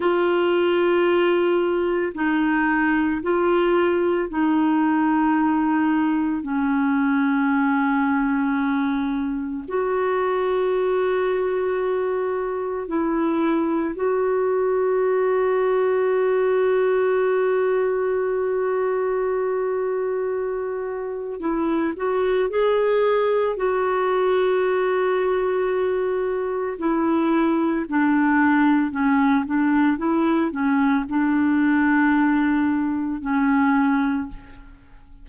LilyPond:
\new Staff \with { instrumentName = "clarinet" } { \time 4/4 \tempo 4 = 56 f'2 dis'4 f'4 | dis'2 cis'2~ | cis'4 fis'2. | e'4 fis'2.~ |
fis'1 | e'8 fis'8 gis'4 fis'2~ | fis'4 e'4 d'4 cis'8 d'8 | e'8 cis'8 d'2 cis'4 | }